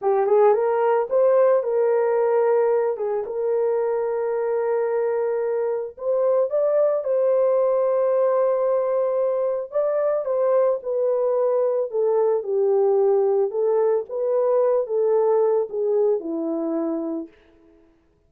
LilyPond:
\new Staff \with { instrumentName = "horn" } { \time 4/4 \tempo 4 = 111 g'8 gis'8 ais'4 c''4 ais'4~ | ais'4. gis'8 ais'2~ | ais'2. c''4 | d''4 c''2.~ |
c''2 d''4 c''4 | b'2 a'4 g'4~ | g'4 a'4 b'4. a'8~ | a'4 gis'4 e'2 | }